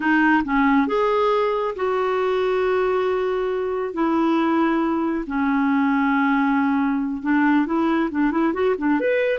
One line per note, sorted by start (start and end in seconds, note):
0.00 0.43 D#4
0.44 0.87 C#4
0.87 1.74 G#4
1.75 3.93 F#4
3.93 5.25 E4
5.27 7.22 C#4
7.22 7.65 D4
7.65 8.09 E4
8.11 8.31 D4
8.31 8.53 E4
8.53 8.75 F#4
8.78 8.99 D4
9.00 9.39 B4